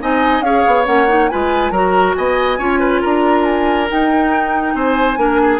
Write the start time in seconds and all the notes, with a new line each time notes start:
0.00 C4 D#4 D#5 G#5
0.41 C#4 G#4 C#5 F5
0.67 B3
0.85 A#3 C#4 F#5
1.08 D#4
1.29 G#3 F4 B4 G#5
1.71 F#3 F#4 A#4 A#5
2.15 B3 D#5 G#5
2.58 C#4 F4 C#5
2.80 B4
3.01 D4 A#4 A#5
3.44 G#5
3.88 D#4 G5
4.74 C4 C5 G#5
5.17 A#3 D4 A#4
5.42 G#4